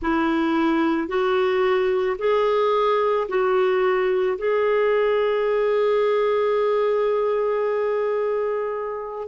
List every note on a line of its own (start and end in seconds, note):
0.01 1.08 E4
1.08 2.17 F#4
2.18 3.27 G#4
3.28 4.37 F#4
4.38 9.27 G#4